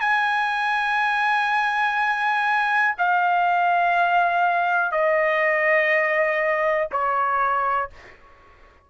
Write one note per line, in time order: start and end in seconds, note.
0.00 2.95 G#5
2.98 4.91 F5
4.91 6.88 D#5
6.92 7.90 C#5